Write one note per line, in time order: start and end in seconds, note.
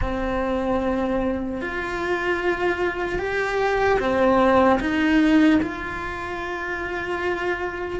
0.01 1.61 C4
1.61 3.19 F4
3.19 3.99 G4
3.99 4.79 C4
4.80 5.60 D#4
5.62 8.00 F4